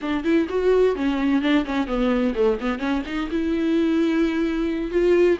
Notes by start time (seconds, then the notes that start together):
0.01 D4
0.23 E4
0.49 F#4
0.95 C#4
1.41 D4
1.65 C#4
1.87 B3
2.34 A3
2.60 B3
2.78 C#4
3.06 D#4
3.30 E4
4.91 F4